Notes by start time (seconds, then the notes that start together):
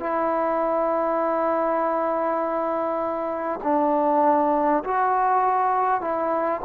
0.00 E4
3.64 D4
4.84 F#4
6.01 E4